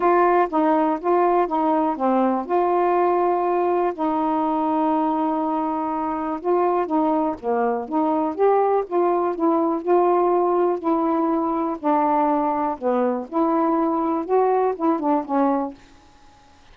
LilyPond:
\new Staff \with { instrumentName = "saxophone" } { \time 4/4 \tempo 4 = 122 f'4 dis'4 f'4 dis'4 | c'4 f'2. | dis'1~ | dis'4 f'4 dis'4 ais4 |
dis'4 g'4 f'4 e'4 | f'2 e'2 | d'2 b4 e'4~ | e'4 fis'4 e'8 d'8 cis'4 | }